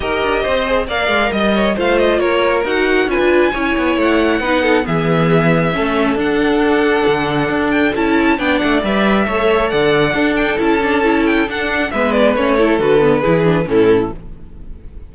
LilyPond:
<<
  \new Staff \with { instrumentName = "violin" } { \time 4/4 \tempo 4 = 136 dis''2 f''4 dis''4 | f''8 dis''8 cis''4 fis''4 gis''4~ | gis''4 fis''2 e''4~ | e''2 fis''2~ |
fis''4. g''8 a''4 g''8 fis''8 | e''2 fis''4. g''8 | a''4. g''8 fis''4 e''8 d''8 | cis''4 b'2 a'4 | }
  \new Staff \with { instrumentName = "violin" } { \time 4/4 ais'4 c''4 d''4 dis''8 cis''8 | c''4 ais'2 b'4 | cis''2 b'8 a'8 gis'4~ | gis'4 a'2.~ |
a'2. d''4~ | d''4 cis''4 d''4 a'4~ | a'2. b'4~ | b'8 a'4. gis'4 e'4 | }
  \new Staff \with { instrumentName = "viola" } { \time 4/4 g'4. gis'8 ais'2 | f'2 fis'4 f'4 | e'2 dis'4 b4~ | b4 cis'4 d'2~ |
d'2 e'4 d'4 | b'4 a'2 d'4 | e'8 d'8 e'4 d'4 b4 | cis'8 e'8 fis'8 b8 e'8 d'8 cis'4 | }
  \new Staff \with { instrumentName = "cello" } { \time 4/4 dis'8 d'8 c'4 ais8 gis8 g4 | a4 ais4 dis'4 cis'16 d'8. | cis'8 b8 a4 b4 e4~ | e4 a4 d'2 |
d4 d'4 cis'4 b8 a8 | g4 a4 d4 d'4 | cis'2 d'4 gis4 | a4 d4 e4 a,4 | }
>>